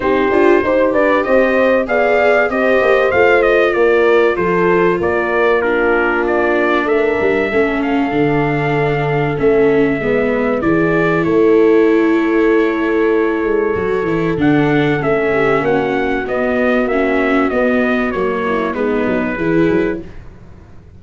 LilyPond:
<<
  \new Staff \with { instrumentName = "trumpet" } { \time 4/4 \tempo 4 = 96 c''4. d''8 dis''4 f''4 | dis''4 f''8 dis''8 d''4 c''4 | d''4 ais'4 d''4 e''4~ | e''8 f''2~ f''8 e''4~ |
e''4 d''4 cis''2~ | cis''2. fis''4 | e''4 fis''4 dis''4 e''4 | dis''4 cis''4 b'2 | }
  \new Staff \with { instrumentName = "horn" } { \time 4/4 g'4 c''8 b'8 c''4 d''4 | c''2 ais'4 a'4 | ais'4 f'2 ais'4 | a'1 |
b'4 gis'4 a'2~ | a'1~ | a'8 g'8 fis'2.~ | fis'4. e'8 dis'4 gis'4 | }
  \new Staff \with { instrumentName = "viola" } { \time 4/4 dis'8 f'8 g'2 gis'4 | g'4 f'2.~ | f'4 d'2. | cis'4 d'2 cis'4 |
b4 e'2.~ | e'2 fis'8 e'8 d'4 | cis'2 b4 cis'4 | b4 ais4 b4 e'4 | }
  \new Staff \with { instrumentName = "tuba" } { \time 4/4 c'8 d'8 dis'8 d'8 c'4 b4 | c'8 ais8 a4 ais4 f4 | ais2. a8 g8 | a4 d2 a4 |
gis4 e4 a2~ | a4. gis8 fis8 e8 d4 | a4 ais4 b4 ais4 | b4 fis4 gis8 fis8 e8 fis8 | }
>>